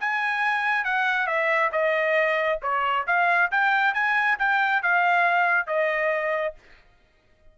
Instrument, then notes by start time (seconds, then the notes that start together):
trumpet
0.00 G#5
0.84 F#5
1.27 E5
1.72 D#5
2.62 C#5
3.07 F5
3.51 G5
3.94 G#5
4.39 G5
4.82 F5
5.67 D#5